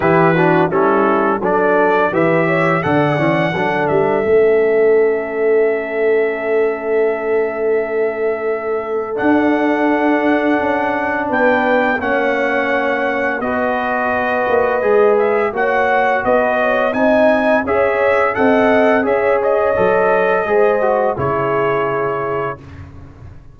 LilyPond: <<
  \new Staff \with { instrumentName = "trumpet" } { \time 4/4 \tempo 4 = 85 b'4 a'4 d''4 e''4 | fis''4. e''2~ e''8~ | e''1~ | e''4 fis''2. |
g''4 fis''2 dis''4~ | dis''4. e''8 fis''4 dis''4 | gis''4 e''4 fis''4 e''8 dis''8~ | dis''2 cis''2 | }
  \new Staff \with { instrumentName = "horn" } { \time 4/4 g'8 fis'8 e'4 a'4 b'8 cis''8 | d''4 a'2.~ | a'1~ | a'1 |
b'4 cis''2 b'4~ | b'2 cis''4 b'8 cis''8 | dis''4 cis''4 dis''4 cis''4~ | cis''4 c''4 gis'2 | }
  \new Staff \with { instrumentName = "trombone" } { \time 4/4 e'8 d'8 cis'4 d'4 g'4 | a'8 cis'8 d'4 cis'2~ | cis'1~ | cis'4 d'2.~ |
d'4 cis'2 fis'4~ | fis'4 gis'4 fis'2 | dis'4 gis'4 a'4 gis'4 | a'4 gis'8 fis'8 e'2 | }
  \new Staff \with { instrumentName = "tuba" } { \time 4/4 e4 g4 fis4 e4 | d8 e8 fis8 g8 a2~ | a1~ | a4 d'2 cis'4 |
b4 ais2 b4~ | b8 ais8 gis4 ais4 b4 | c'4 cis'4 c'4 cis'4 | fis4 gis4 cis2 | }
>>